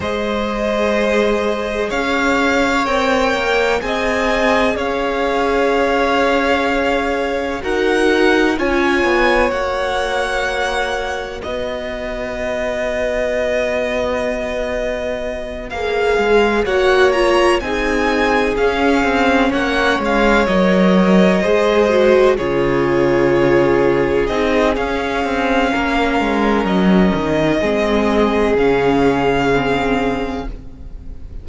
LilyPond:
<<
  \new Staff \with { instrumentName = "violin" } { \time 4/4 \tempo 4 = 63 dis''2 f''4 g''4 | gis''4 f''2. | fis''4 gis''4 fis''2 | dis''1~ |
dis''8 f''4 fis''8 ais''8 gis''4 f''8~ | f''8 fis''8 f''8 dis''2 cis''8~ | cis''4. dis''8 f''2 | dis''2 f''2 | }
  \new Staff \with { instrumentName = "violin" } { \time 4/4 c''2 cis''2 | dis''4 cis''2. | ais'4 cis''2. | b'1~ |
b'4. cis''4 gis'4.~ | gis'8 cis''2 c''4 gis'8~ | gis'2. ais'4~ | ais'4 gis'2. | }
  \new Staff \with { instrumentName = "viola" } { \time 4/4 gis'2. ais'4 | gis'1 | fis'4 f'4 fis'2~ | fis'1~ |
fis'8 gis'4 fis'8 f'8 dis'4 cis'8~ | cis'4. ais'4 gis'8 fis'8 f'8~ | f'4. dis'8 cis'2~ | cis'4 c'4 cis'4 c'4 | }
  \new Staff \with { instrumentName = "cello" } { \time 4/4 gis2 cis'4 c'8 ais8 | c'4 cis'2. | dis'4 cis'8 b8 ais2 | b1~ |
b8 ais8 gis8 ais4 c'4 cis'8 | c'8 ais8 gis8 fis4 gis4 cis8~ | cis4. c'8 cis'8 c'8 ais8 gis8 | fis8 dis8 gis4 cis2 | }
>>